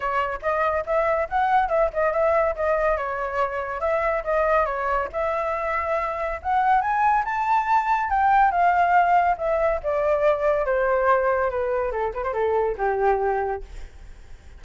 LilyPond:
\new Staff \with { instrumentName = "flute" } { \time 4/4 \tempo 4 = 141 cis''4 dis''4 e''4 fis''4 | e''8 dis''8 e''4 dis''4 cis''4~ | cis''4 e''4 dis''4 cis''4 | e''2. fis''4 |
gis''4 a''2 g''4 | f''2 e''4 d''4~ | d''4 c''2 b'4 | a'8 b'16 c''16 a'4 g'2 | }